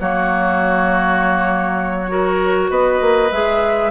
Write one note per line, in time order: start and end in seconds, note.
0.00 2.70 F#3
0.00 2.08 A#3
0.00 2.11 F#4
0.00 2.71 C#5
2.08 3.29 F#4
2.08 2.71 A#4
2.70 3.00 B3
2.70 3.91 B4
2.70 3.32 D#5
3.01 3.31 A#3
3.32 3.91 G#3
3.32 3.91 G#4
3.32 3.91 E5